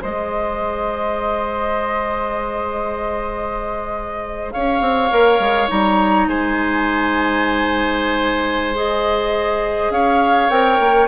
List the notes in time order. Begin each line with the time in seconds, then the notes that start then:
0.00 G#3 G#4 C5 D#5
4.51 C#4 C#5 F5
4.80 C4
5.10 A#3 A#4
5.39 G#3
5.67 G3 D#4 A#5
6.26 G#3 C5 G#5
8.75 G#4 D#5
9.90 C#4 C#5 F5
10.49 C4 A#4 G5
10.79 A#3